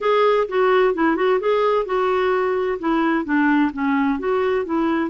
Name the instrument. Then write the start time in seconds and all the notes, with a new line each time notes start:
clarinet
0.00 G#4
0.48 F#4
0.94 E4
1.16 F#4
1.40 G#4
1.85 F#4
2.79 E4
3.24 D4
3.72 C#4
4.19 F#4
4.65 E4